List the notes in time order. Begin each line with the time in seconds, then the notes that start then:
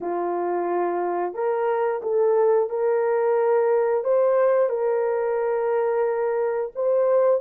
0.01 F4
1.34 A#4
2.02 A4
2.69 A#4
4.04 C5
4.69 A#4
6.75 C5